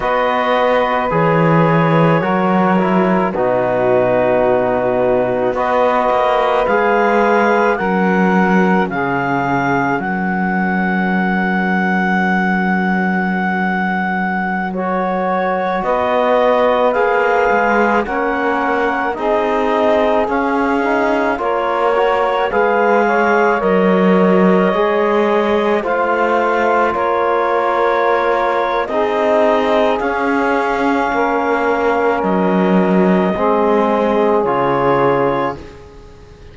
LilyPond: <<
  \new Staff \with { instrumentName = "clarinet" } { \time 4/4 \tempo 4 = 54 dis''4 cis''2 b'4~ | b'4 dis''4 f''4 fis''4 | f''4 fis''2.~ | fis''4~ fis''16 cis''4 dis''4 f''8.~ |
f''16 fis''4 dis''4 f''4 cis''8.~ | cis''16 f''4 dis''2 f''8.~ | f''16 cis''4.~ cis''16 dis''4 f''4~ | f''4 dis''2 cis''4 | }
  \new Staff \with { instrumentName = "saxophone" } { \time 4/4 b'2 ais'4 fis'4~ | fis'4 b'2 ais'4 | gis'4 ais'2.~ | ais'2~ ais'16 b'4.~ b'16~ |
b'16 ais'4 gis'2 ais'8.~ | ais'16 b'8 cis''2~ cis''8 c''8.~ | c''16 ais'4.~ ais'16 gis'2 | ais'2 gis'2 | }
  \new Staff \with { instrumentName = "trombone" } { \time 4/4 fis'4 gis'4 fis'8 e'8 dis'4~ | dis'4 fis'4 gis'4 cis'4~ | cis'1~ | cis'4~ cis'16 fis'2 gis'8.~ |
gis'16 cis'4 dis'4 cis'8 dis'8 f'8 fis'16~ | fis'16 gis'4 ais'4 gis'4 f'8.~ | f'2 dis'4 cis'4~ | cis'2 c'4 f'4 | }
  \new Staff \with { instrumentName = "cello" } { \time 4/4 b4 e4 fis4 b,4~ | b,4 b8 ais8 gis4 fis4 | cis4 fis2.~ | fis2~ fis16 b4 ais8 gis16~ |
gis16 ais4 c'4 cis'4 ais8.~ | ais16 gis4 fis4 gis4 a8.~ | a16 ais4.~ ais16 c'4 cis'4 | ais4 fis4 gis4 cis4 | }
>>